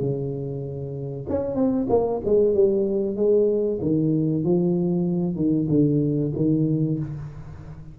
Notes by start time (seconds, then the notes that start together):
0.00 C#3
1.29 C#4
1.55 C4
1.89 A#3
2.25 G#3
2.54 G3
3.16 G#3
3.82 D#3
4.44 F3
5.36 D#3
5.69 D3
6.36 D#3